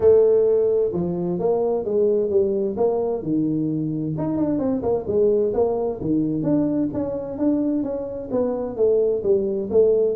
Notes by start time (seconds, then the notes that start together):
0.00 A3
0.93 F3
1.39 A#3
1.84 G#3
2.30 G3
2.77 A#3
3.22 D#3
4.17 D#4
4.37 D4
4.58 C4
4.82 A#3
5.07 G#3
5.53 A#3
6.00 D#3
6.42 D4
6.93 C#4
7.37 D4
7.83 C#4
8.31 B3
8.76 A3
9.23 G3
9.70 A3